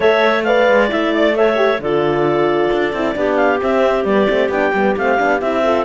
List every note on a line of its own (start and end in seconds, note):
0.00 0.68 A3
0.00 0.43 A4
0.00 0.44 C#5
0.00 0.43 E5
0.43 0.89 B4
0.43 1.35 D5
0.43 0.88 F5
0.68 0.90 G#3
0.89 1.79 A3
0.89 1.34 E4
0.89 1.14 E5
1.14 1.36 D5
1.36 1.56 A4
1.36 1.81 C#5
1.36 1.81 E5
1.56 1.78 G4
1.79 2.69 D3
1.79 2.94 F4
1.79 3.16 A4
1.79 3.36 D5
2.73 2.92 D4
2.92 3.15 C4
2.92 3.14 E4
3.14 3.60 B3
3.14 3.59 D4
3.14 5.63 G4
3.36 3.58 F5
3.59 4.04 C4
3.59 4.04 E5
4.04 4.27 G3
4.04 4.28 B3
4.04 4.50 D5
4.28 4.49 A3
4.28 4.50 C4
4.49 4.71 B3
4.49 4.74 D4
4.49 4.95 G5
4.73 4.96 G3
4.73 4.97 B3
4.97 5.19 A3
4.97 5.18 C4
4.97 5.40 F5
5.18 5.41 B3
5.18 5.40 D4
5.40 5.85 C4
5.40 5.64 E4
5.40 5.85 E5
5.63 5.85 F4
5.63 5.85 A4